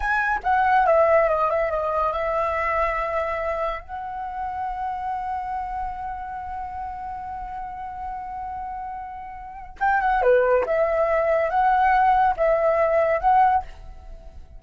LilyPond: \new Staff \with { instrumentName = "flute" } { \time 4/4 \tempo 4 = 141 gis''4 fis''4 e''4 dis''8 e''8 | dis''4 e''2.~ | e''4 fis''2.~ | fis''1~ |
fis''1~ | fis''2. g''8 fis''8 | b'4 e''2 fis''4~ | fis''4 e''2 fis''4 | }